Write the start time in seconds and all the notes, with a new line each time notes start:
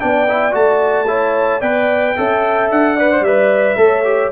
0.00 B3 D4 D5 G5
0.28 E4
0.51 A3 F#4 A5
1.07 E4 C#5
1.59 B3 B4 D5 G5
2.17 C#4 A4 E5
2.71 D4 F#5
2.96 B4 D5
3.12 C5
3.21 G3 E5
3.27 B4
3.77 A3 A4 C#5
4.04 G4